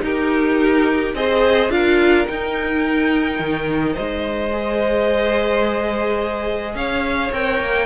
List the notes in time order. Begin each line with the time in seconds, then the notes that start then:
0.00 D#4 G4 A#4
1.14 C4 G#4 C5 D#5
1.69 D4 F4 A#4 F5
2.26 D#4 G5
3.39 D#3
3.93 G#3 C5 D#5
4.52 G#4
6.74 C#4 C#5 F5
7.32 C4 A#4 G5
7.60 A#3